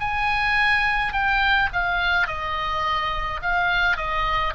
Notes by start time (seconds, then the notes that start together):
0.00 G#5
1.13 G5
1.72 F5
2.27 D#5
3.42 F5
3.97 D#5